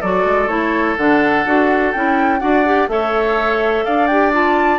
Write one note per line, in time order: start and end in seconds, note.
0.00 0.25 F#3
0.00 0.48 F#4
0.00 2.40 A4
0.00 0.48 D5
0.25 0.48 G#3
0.48 0.96 A3
0.48 0.96 E4
0.48 0.96 C#5
0.97 1.45 D3
0.97 1.46 D4
0.97 1.92 F#5
1.45 1.93 D4
1.45 1.94 F#4
1.92 2.41 C#4
1.92 2.40 E4
1.92 2.40 G5
2.40 2.88 D4
2.40 2.64 F#4
2.40 2.88 D5
2.40 2.88 F#5
2.65 2.88 G4
2.88 3.84 A3
2.88 4.08 A4
2.88 3.85 C#5
2.88 3.85 E5
3.85 4.79 D4
3.85 4.79 D5
3.85 4.07 F5
4.07 4.33 G4
4.07 4.31 G5
4.33 4.79 F4
4.33 4.79 A5